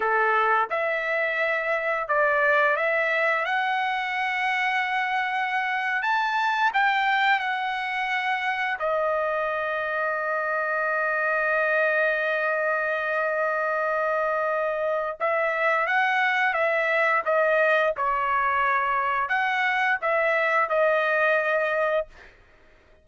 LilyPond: \new Staff \with { instrumentName = "trumpet" } { \time 4/4 \tempo 4 = 87 a'4 e''2 d''4 | e''4 fis''2.~ | fis''8. a''4 g''4 fis''4~ fis''16~ | fis''8. dis''2.~ dis''16~ |
dis''1~ | dis''2 e''4 fis''4 | e''4 dis''4 cis''2 | fis''4 e''4 dis''2 | }